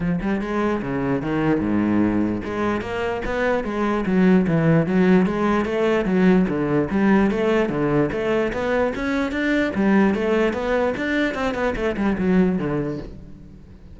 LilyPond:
\new Staff \with { instrumentName = "cello" } { \time 4/4 \tempo 4 = 148 f8 g8 gis4 cis4 dis4 | gis,2 gis4 ais4 | b4 gis4 fis4 e4 | fis4 gis4 a4 fis4 |
d4 g4 a4 d4 | a4 b4 cis'4 d'4 | g4 a4 b4 d'4 | c'8 b8 a8 g8 fis4 d4 | }